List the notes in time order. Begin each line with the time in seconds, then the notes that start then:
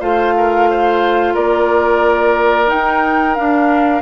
0.00 A3 F4 C5 F5
0.37 A#4
0.71 C5
1.34 A#3 A#4 D5
2.67 D#4 G5
3.35 D4 F5